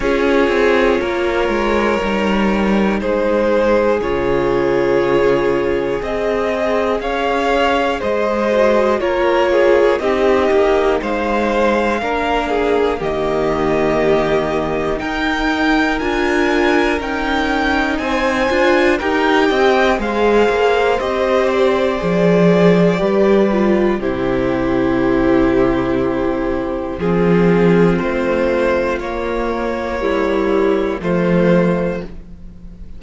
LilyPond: <<
  \new Staff \with { instrumentName = "violin" } { \time 4/4 \tempo 4 = 60 cis''2. c''4 | cis''2 dis''4 f''4 | dis''4 cis''4 dis''4 f''4~ | f''4 dis''2 g''4 |
gis''4 g''4 gis''4 g''4 | f''4 dis''8 d''2~ d''8 | c''2. gis'4 | c''4 cis''2 c''4 | }
  \new Staff \with { instrumentName = "violin" } { \time 4/4 gis'4 ais'2 gis'4~ | gis'2. cis''4 | c''4 ais'8 gis'8 g'4 c''4 | ais'8 gis'8 g'2 ais'4~ |
ais'2 c''4 ais'8 dis''8 | c''2. b'4 | g'2. f'4~ | f'2 e'4 f'4 | }
  \new Staff \with { instrumentName = "viola" } { \time 4/4 f'2 dis'2 | f'2 gis'2~ | gis'8 fis'8 f'4 dis'2 | d'4 ais2 dis'4 |
f'4 dis'4. f'8 g'4 | gis'4 g'4 gis'4 g'8 f'8 | e'2. c'4~ | c'4 ais4 g4 a4 | }
  \new Staff \with { instrumentName = "cello" } { \time 4/4 cis'8 c'8 ais8 gis8 g4 gis4 | cis2 c'4 cis'4 | gis4 ais4 c'8 ais8 gis4 | ais4 dis2 dis'4 |
d'4 cis'4 c'8 d'8 dis'8 c'8 | gis8 ais8 c'4 f4 g4 | c2. f4 | a4 ais2 f4 | }
>>